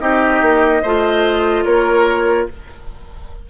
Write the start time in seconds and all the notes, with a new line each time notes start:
0.00 C4 D#4 G4 D#5
0.41 A#3
0.82 A3 F4 C5
1.64 A#3 A#4 C#5